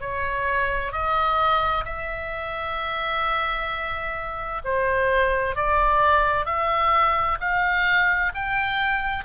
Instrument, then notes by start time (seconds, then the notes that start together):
oboe
0.00 C#5
0.92 D#5
1.84 E5
4.64 C5
5.55 D5
6.45 E5
7.40 F5
8.34 G5